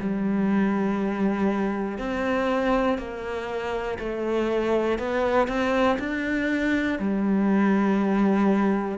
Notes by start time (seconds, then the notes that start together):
0.00 G3
1.99 C4
2.99 A#3
4.00 A3
4.99 B3
5.48 C4
6.00 D4
7.00 G3